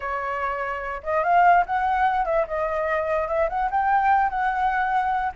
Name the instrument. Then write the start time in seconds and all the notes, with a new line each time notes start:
flute
0.00 C#5
1.03 D#5
1.23 F5
1.66 F#5
2.25 E5
2.47 D#5
3.28 E5
3.49 F#5
3.70 G5
4.29 F#5